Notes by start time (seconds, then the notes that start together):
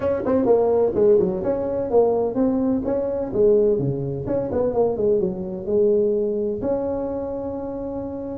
0.00 C#4
0.25 C4
0.45 A#3
0.94 G#3
1.19 F#3
1.43 C#4
1.90 A#3
2.35 C4
2.85 C#4
3.33 G#3
3.78 C#3
4.26 C#4
4.52 B3
4.73 A#3
4.96 G#3
5.20 F#3
5.66 G#3
6.61 C#4